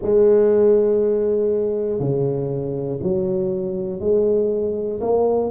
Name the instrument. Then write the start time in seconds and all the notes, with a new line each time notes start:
tuba
0.02 G#3
1.99 C#3
3.03 F#3
4.00 G#3
5.00 A#3